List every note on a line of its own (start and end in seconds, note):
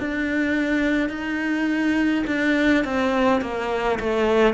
0.00 1.10 D4
1.10 2.25 D#4
2.27 2.85 D4
2.85 3.42 C4
3.42 4.00 A#3
4.00 4.55 A3